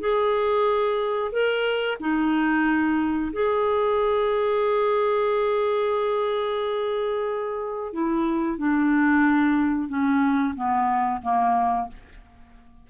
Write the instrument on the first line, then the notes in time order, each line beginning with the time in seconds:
clarinet
0.00 G#4
1.32 A#4
2.00 D#4
3.33 G#4
7.93 E4
8.58 D4
9.89 C#4
10.56 B3
11.22 A#3